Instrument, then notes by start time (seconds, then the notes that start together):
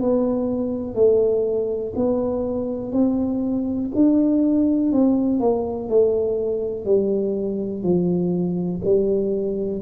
tuba
0.00 B3
0.94 A3
1.95 B3
2.92 C4
3.95 D4
4.92 C4
5.40 A#3
5.89 A3
6.85 G3
7.82 F3
8.84 G3